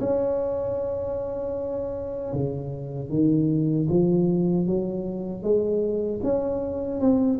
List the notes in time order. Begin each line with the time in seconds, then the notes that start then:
0.00 C#4
2.33 C#3
3.10 D#3
3.89 F3
4.67 F#3
5.43 G#3
6.23 C#4
7.01 C4